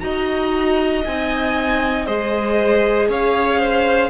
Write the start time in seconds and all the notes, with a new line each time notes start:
0.00 D#4 F#4 D#5 A#5
1.04 C4 D#4 G#5
2.06 G#3 G#4 C5 D#5
3.08 C#4 C#5 F5
3.59 C5